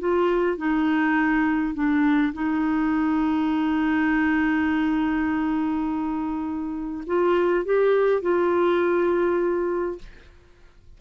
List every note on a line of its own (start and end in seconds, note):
0.00 0.58 F4
0.58 1.75 D#4
1.75 2.33 D4
2.34 7.05 D#4
7.07 7.66 F4
7.66 8.22 G4
8.22 9.99 F4